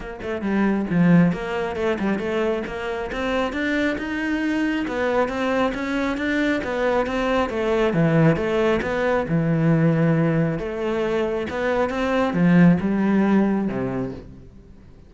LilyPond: \new Staff \with { instrumentName = "cello" } { \time 4/4 \tempo 4 = 136 ais8 a8 g4 f4 ais4 | a8 g8 a4 ais4 c'4 | d'4 dis'2 b4 | c'4 cis'4 d'4 b4 |
c'4 a4 e4 a4 | b4 e2. | a2 b4 c'4 | f4 g2 c4 | }